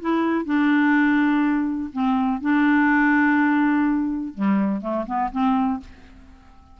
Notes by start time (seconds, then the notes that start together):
0.00 E4
0.45 D4
1.93 C4
2.41 D4
4.34 G3
4.81 A3
5.06 B3
5.31 C4